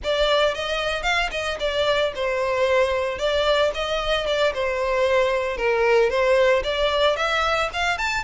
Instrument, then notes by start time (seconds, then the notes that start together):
violin
0.03 D5
0.54 D#5
1.03 F5
1.31 D#5
1.59 D5
2.15 C5
3.18 D5
3.74 D#5
4.26 D5
4.54 C5
5.57 A#4
6.09 C5
6.63 D5
7.16 E5
7.73 F5
7.97 A5